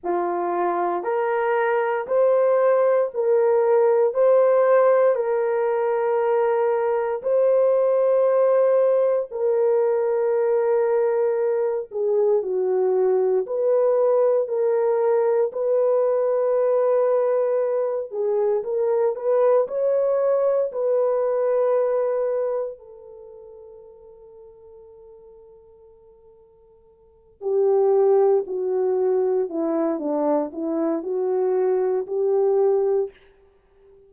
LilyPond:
\new Staff \with { instrumentName = "horn" } { \time 4/4 \tempo 4 = 58 f'4 ais'4 c''4 ais'4 | c''4 ais'2 c''4~ | c''4 ais'2~ ais'8 gis'8 | fis'4 b'4 ais'4 b'4~ |
b'4. gis'8 ais'8 b'8 cis''4 | b'2 a'2~ | a'2~ a'8 g'4 fis'8~ | fis'8 e'8 d'8 e'8 fis'4 g'4 | }